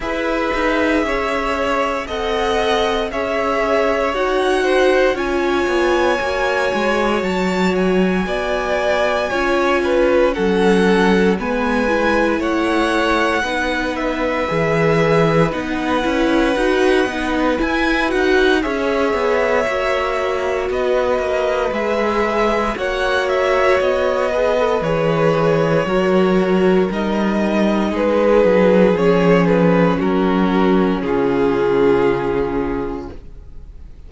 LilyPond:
<<
  \new Staff \with { instrumentName = "violin" } { \time 4/4 \tempo 4 = 58 e''2 fis''4 e''4 | fis''4 gis''2 a''8 gis''8~ | gis''2 fis''4 gis''4 | fis''4. e''4. fis''4~ |
fis''4 gis''8 fis''8 e''2 | dis''4 e''4 fis''8 e''8 dis''4 | cis''2 dis''4 b'4 | cis''8 b'8 ais'4 gis'2 | }
  \new Staff \with { instrumentName = "violin" } { \time 4/4 b'4 cis''4 dis''4 cis''4~ | cis''8 c''8 cis''2. | d''4 cis''8 b'8 a'4 b'4 | cis''4 b'2.~ |
b'2 cis''2 | b'2 cis''4. b'8~ | b'4 ais'2 gis'4~ | gis'4 fis'4 f'2 | }
  \new Staff \with { instrumentName = "viola" } { \time 4/4 gis'2 a'4 gis'4 | fis'4 f'4 fis'2~ | fis'4 f'4 cis'4 b8 e'8~ | e'4 dis'4 gis'4 dis'8 e'8 |
fis'8 dis'8 e'8 fis'8 gis'4 fis'4~ | fis'4 gis'4 fis'4. gis'16 a'16 | gis'4 fis'4 dis'2 | cis'1 | }
  \new Staff \with { instrumentName = "cello" } { \time 4/4 e'8 dis'8 cis'4 c'4 cis'4 | dis'4 cis'8 b8 ais8 gis8 fis4 | b4 cis'4 fis4 gis4 | a4 b4 e4 b8 cis'8 |
dis'8 b8 e'8 dis'8 cis'8 b8 ais4 | b8 ais8 gis4 ais4 b4 | e4 fis4 g4 gis8 fis8 | f4 fis4 cis2 | }
>>